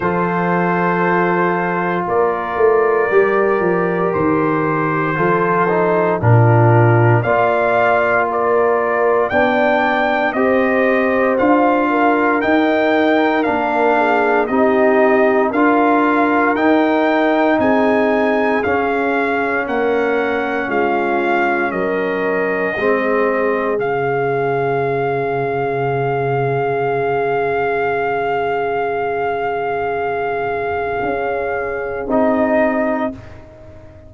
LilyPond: <<
  \new Staff \with { instrumentName = "trumpet" } { \time 4/4 \tempo 4 = 58 c''2 d''2 | c''2 ais'4 f''4 | d''4 g''4 dis''4 f''4 | g''4 f''4 dis''4 f''4 |
g''4 gis''4 f''4 fis''4 | f''4 dis''2 f''4~ | f''1~ | f''2. dis''4 | }
  \new Staff \with { instrumentName = "horn" } { \time 4/4 a'2 ais'2~ | ais'4 a'4 f'4 d''4 | ais'4 d''4 c''4. ais'8~ | ais'4. gis'8 g'4 ais'4~ |
ais'4 gis'2 ais'4 | f'4 ais'4 gis'2~ | gis'1~ | gis'1 | }
  \new Staff \with { instrumentName = "trombone" } { \time 4/4 f'2. g'4~ | g'4 f'8 dis'8 d'4 f'4~ | f'4 d'4 g'4 f'4 | dis'4 d'4 dis'4 f'4 |
dis'2 cis'2~ | cis'2 c'4 cis'4~ | cis'1~ | cis'2. dis'4 | }
  \new Staff \with { instrumentName = "tuba" } { \time 4/4 f2 ais8 a8 g8 f8 | dis4 f4 ais,4 ais4~ | ais4 b4 c'4 d'4 | dis'4 ais4 c'4 d'4 |
dis'4 c'4 cis'4 ais4 | gis4 fis4 gis4 cis4~ | cis1~ | cis2 cis'4 c'4 | }
>>